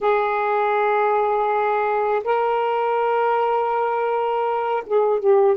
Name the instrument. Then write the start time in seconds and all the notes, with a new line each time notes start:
saxophone
0.00 G#4
2.24 A#4
4.86 G#4
5.19 G4